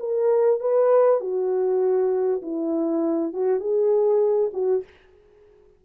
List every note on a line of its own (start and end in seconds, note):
0.00 0.60 A#4
0.60 1.21 B4
1.21 2.42 F#4
2.43 3.34 E4
3.34 3.60 F#4
3.60 4.51 G#4
4.54 4.84 F#4